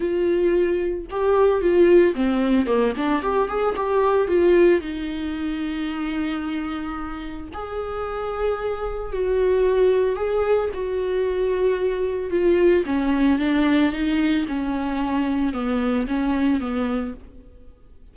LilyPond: \new Staff \with { instrumentName = "viola" } { \time 4/4 \tempo 4 = 112 f'2 g'4 f'4 | c'4 ais8 d'8 g'8 gis'8 g'4 | f'4 dis'2.~ | dis'2 gis'2~ |
gis'4 fis'2 gis'4 | fis'2. f'4 | cis'4 d'4 dis'4 cis'4~ | cis'4 b4 cis'4 b4 | }